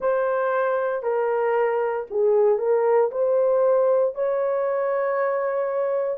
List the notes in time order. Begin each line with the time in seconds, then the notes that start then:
0.00 C5
1.03 A#4
2.10 G#4
2.58 A#4
3.11 C5
4.14 C#5